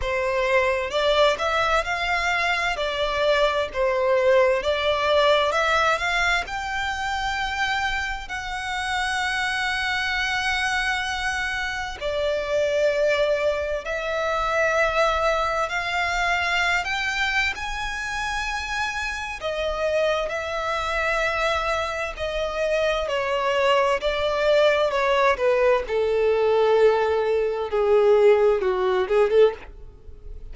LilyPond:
\new Staff \with { instrumentName = "violin" } { \time 4/4 \tempo 4 = 65 c''4 d''8 e''8 f''4 d''4 | c''4 d''4 e''8 f''8 g''4~ | g''4 fis''2.~ | fis''4 d''2 e''4~ |
e''4 f''4~ f''16 g''8. gis''4~ | gis''4 dis''4 e''2 | dis''4 cis''4 d''4 cis''8 b'8 | a'2 gis'4 fis'8 gis'16 a'16 | }